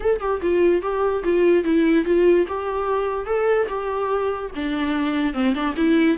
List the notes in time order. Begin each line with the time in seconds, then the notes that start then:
0.00 A4
0.20 G4
0.41 F4
0.81 G4
1.23 F4
1.63 E4
2.05 F4
2.47 G4
3.26 A4
3.68 G4
4.55 D4
5.33 C4
5.54 D4
5.76 E4